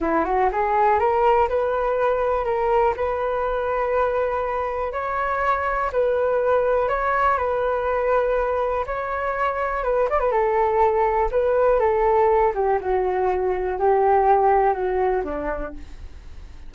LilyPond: \new Staff \with { instrumentName = "flute" } { \time 4/4 \tempo 4 = 122 e'8 fis'8 gis'4 ais'4 b'4~ | b'4 ais'4 b'2~ | b'2 cis''2 | b'2 cis''4 b'4~ |
b'2 cis''2 | b'8 d''16 b'16 a'2 b'4 | a'4. g'8 fis'2 | g'2 fis'4 d'4 | }